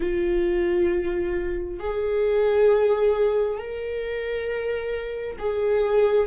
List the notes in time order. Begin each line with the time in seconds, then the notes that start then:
0.00 F4
1.79 G#4
3.57 A#4
5.39 G#4